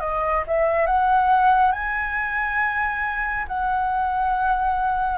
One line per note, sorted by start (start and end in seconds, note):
0.00 0.43 D#5
0.47 0.86 E5
0.86 1.72 F#5
1.72 3.46 G#5
3.47 5.18 F#5